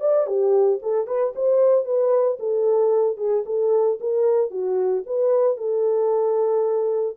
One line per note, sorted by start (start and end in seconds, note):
0.00 0.26 D5
0.26 0.79 G4
0.82 1.07 A4
1.07 1.33 B4
1.35 1.85 C5
1.85 2.38 B4
2.39 3.17 A4
3.17 3.43 G#4
3.46 3.99 A4
4.00 4.50 A#4
4.50 5.03 F#4
5.06 5.57 B4
5.57 7.16 A4